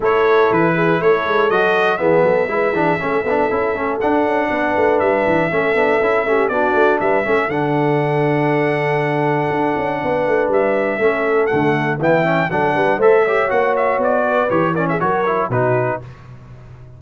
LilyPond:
<<
  \new Staff \with { instrumentName = "trumpet" } { \time 4/4 \tempo 4 = 120 cis''4 b'4 cis''4 dis''4 | e''1 | fis''2 e''2~ | e''4 d''4 e''4 fis''4~ |
fis''1~ | fis''4 e''2 fis''4 | g''4 fis''4 e''4 fis''8 e''8 | d''4 cis''8 d''16 e''16 cis''4 b'4 | }
  \new Staff \with { instrumentName = "horn" } { \time 4/4 a'4. gis'8 a'2 | gis'8 a'8 b'8 gis'8 a'2~ | a'4 b'2 a'4~ | a'8 g'8 fis'4 b'8 a'4.~ |
a'1 | b'2 a'2 | e''4 a'8 b'8 c''8 cis''4.~ | cis''8 b'4 ais'16 gis'16 ais'4 fis'4 | }
  \new Staff \with { instrumentName = "trombone" } { \time 4/4 e'2. fis'4 | b4 e'8 d'8 cis'8 d'8 e'8 cis'8 | d'2. cis'8 d'8 | e'8 cis'8 d'4. cis'8 d'4~ |
d'1~ | d'2 cis'4 a4 | b8 cis'8 d'4 a'8 g'8 fis'4~ | fis'4 g'8 cis'8 fis'8 e'8 dis'4 | }
  \new Staff \with { instrumentName = "tuba" } { \time 4/4 a4 e4 a8 gis8 fis4 | e8 fis8 gis8 e8 a8 b8 cis'8 a8 | d'8 cis'8 b8 a8 g8 e8 a8 b8 | cis'8 a8 b8 a8 g8 a8 d4~ |
d2. d'8 cis'8 | b8 a8 g4 a4 d4 | e4 fis8 g8 a4 ais4 | b4 e4 fis4 b,4 | }
>>